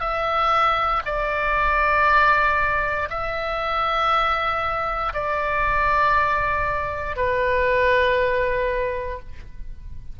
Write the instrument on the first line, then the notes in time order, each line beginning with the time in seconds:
oboe
0.00 E5
1.05 D5
3.09 E5
5.13 D5
7.16 B4